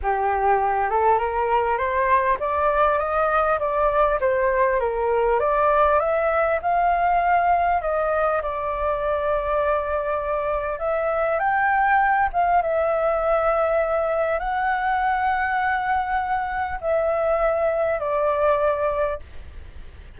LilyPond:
\new Staff \with { instrumentName = "flute" } { \time 4/4 \tempo 4 = 100 g'4. a'8 ais'4 c''4 | d''4 dis''4 d''4 c''4 | ais'4 d''4 e''4 f''4~ | f''4 dis''4 d''2~ |
d''2 e''4 g''4~ | g''8 f''8 e''2. | fis''1 | e''2 d''2 | }